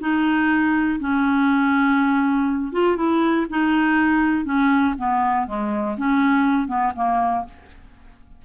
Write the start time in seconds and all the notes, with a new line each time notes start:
0.00 D#4
1.00 C#4
2.73 F4
2.96 E4
3.50 D#4
4.45 C#4
4.98 B3
5.47 G#3
5.97 C#4
6.67 B3
6.95 A#3